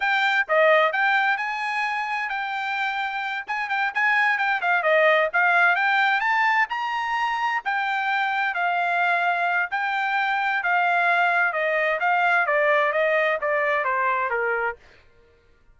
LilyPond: \new Staff \with { instrumentName = "trumpet" } { \time 4/4 \tempo 4 = 130 g''4 dis''4 g''4 gis''4~ | gis''4 g''2~ g''8 gis''8 | g''8 gis''4 g''8 f''8 dis''4 f''8~ | f''8 g''4 a''4 ais''4.~ |
ais''8 g''2 f''4.~ | f''4 g''2 f''4~ | f''4 dis''4 f''4 d''4 | dis''4 d''4 c''4 ais'4 | }